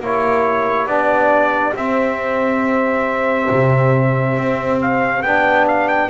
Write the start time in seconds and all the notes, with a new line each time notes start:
0.00 A#3 E4 G4 C#5
0.86 B3 D4 D5
1.74 C4 E5
3.51 C3
4.37 C4
4.81 F5
5.22 B3 D4 G5
5.67 F5
5.88 G5